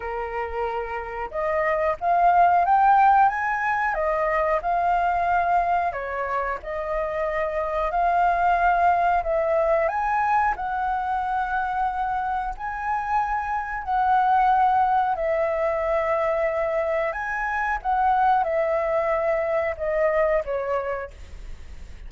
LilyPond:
\new Staff \with { instrumentName = "flute" } { \time 4/4 \tempo 4 = 91 ais'2 dis''4 f''4 | g''4 gis''4 dis''4 f''4~ | f''4 cis''4 dis''2 | f''2 e''4 gis''4 |
fis''2. gis''4~ | gis''4 fis''2 e''4~ | e''2 gis''4 fis''4 | e''2 dis''4 cis''4 | }